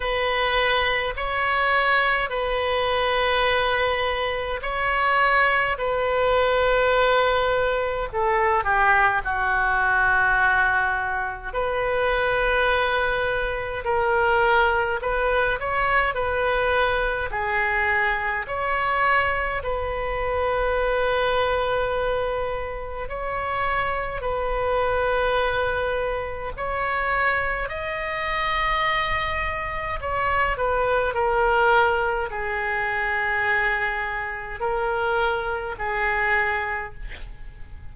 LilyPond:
\new Staff \with { instrumentName = "oboe" } { \time 4/4 \tempo 4 = 52 b'4 cis''4 b'2 | cis''4 b'2 a'8 g'8 | fis'2 b'2 | ais'4 b'8 cis''8 b'4 gis'4 |
cis''4 b'2. | cis''4 b'2 cis''4 | dis''2 cis''8 b'8 ais'4 | gis'2 ais'4 gis'4 | }